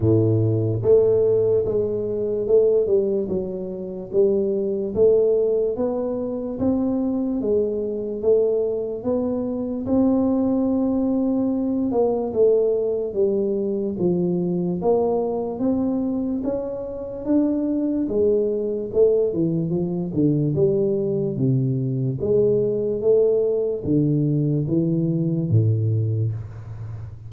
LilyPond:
\new Staff \with { instrumentName = "tuba" } { \time 4/4 \tempo 4 = 73 a,4 a4 gis4 a8 g8 | fis4 g4 a4 b4 | c'4 gis4 a4 b4 | c'2~ c'8 ais8 a4 |
g4 f4 ais4 c'4 | cis'4 d'4 gis4 a8 e8 | f8 d8 g4 c4 gis4 | a4 d4 e4 a,4 | }